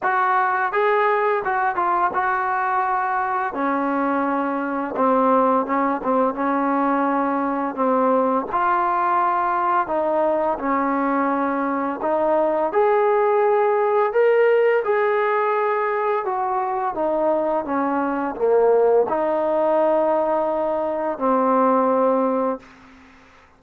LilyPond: \new Staff \with { instrumentName = "trombone" } { \time 4/4 \tempo 4 = 85 fis'4 gis'4 fis'8 f'8 fis'4~ | fis'4 cis'2 c'4 | cis'8 c'8 cis'2 c'4 | f'2 dis'4 cis'4~ |
cis'4 dis'4 gis'2 | ais'4 gis'2 fis'4 | dis'4 cis'4 ais4 dis'4~ | dis'2 c'2 | }